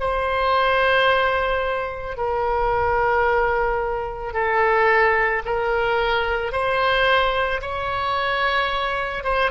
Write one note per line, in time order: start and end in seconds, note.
0.00 2.17 C5
2.17 4.33 A#4
4.33 5.42 A4
5.45 6.52 A#4
6.52 7.61 C5
7.62 9.24 C#5
9.24 9.51 C5